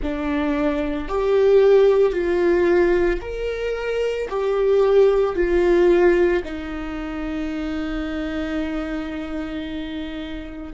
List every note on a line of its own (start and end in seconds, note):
0.02 1.08 D4
1.08 2.12 G4
2.12 3.19 F4
3.21 4.28 A#4
4.29 5.35 G4
5.35 6.42 F4
6.44 10.73 D#4